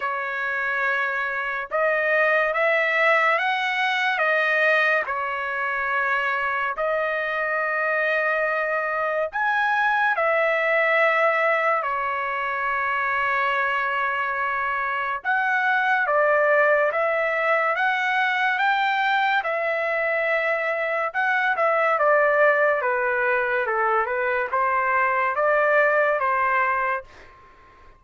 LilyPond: \new Staff \with { instrumentName = "trumpet" } { \time 4/4 \tempo 4 = 71 cis''2 dis''4 e''4 | fis''4 dis''4 cis''2 | dis''2. gis''4 | e''2 cis''2~ |
cis''2 fis''4 d''4 | e''4 fis''4 g''4 e''4~ | e''4 fis''8 e''8 d''4 b'4 | a'8 b'8 c''4 d''4 c''4 | }